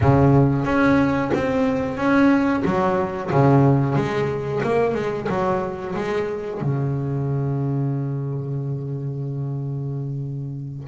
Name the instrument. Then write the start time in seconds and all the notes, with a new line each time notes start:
double bass
0.01 C#3
0.64 C#4
1.34 C4
1.97 C#4
2.65 F#3
3.31 C#3
3.95 G#3
4.63 A#3
4.94 G#3
5.28 F#3
5.95 G#3
6.61 C#3